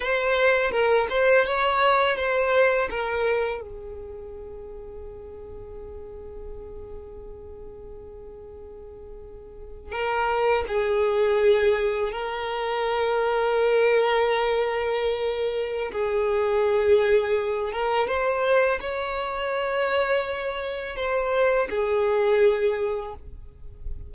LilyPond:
\new Staff \with { instrumentName = "violin" } { \time 4/4 \tempo 4 = 83 c''4 ais'8 c''8 cis''4 c''4 | ais'4 gis'2.~ | gis'1~ | gis'4.~ gis'16 ais'4 gis'4~ gis'16~ |
gis'8. ais'2.~ ais'16~ | ais'2 gis'2~ | gis'8 ais'8 c''4 cis''2~ | cis''4 c''4 gis'2 | }